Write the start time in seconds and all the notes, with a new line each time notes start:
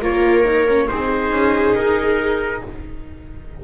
0.00 A#3 F4 A#4 C#5
0.45 D#4
0.68 C#4
0.87 C4 D#4 G#4 C5
1.30 C#4
1.75 D#4 A#4